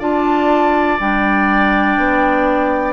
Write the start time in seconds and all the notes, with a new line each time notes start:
0.00 D4 F4 D5 A5
1.00 G3 D4 G5
1.97 B3